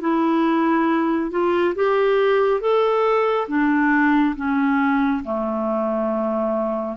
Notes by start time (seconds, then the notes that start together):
0.00 E4
1.30 F4
1.75 G4
2.61 A4
3.48 D4
4.36 C#4
5.24 A3